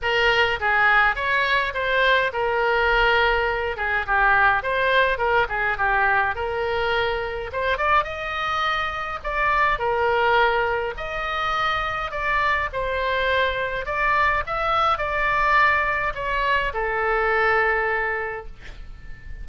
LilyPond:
\new Staff \with { instrumentName = "oboe" } { \time 4/4 \tempo 4 = 104 ais'4 gis'4 cis''4 c''4 | ais'2~ ais'8 gis'8 g'4 | c''4 ais'8 gis'8 g'4 ais'4~ | ais'4 c''8 d''8 dis''2 |
d''4 ais'2 dis''4~ | dis''4 d''4 c''2 | d''4 e''4 d''2 | cis''4 a'2. | }